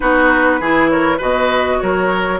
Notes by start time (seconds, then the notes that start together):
0.00 B3 D#4 F#4 B4
0.60 E3 E4 G#4
0.88 A#4 C#5
1.17 B2 F#4 B4 D#5
1.80 F#3 A#4 C#5